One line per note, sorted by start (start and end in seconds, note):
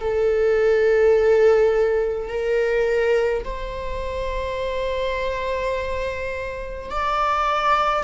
0.00 2.29 A4
2.29 3.44 A#4
3.45 6.91 C5
6.91 8.04 D5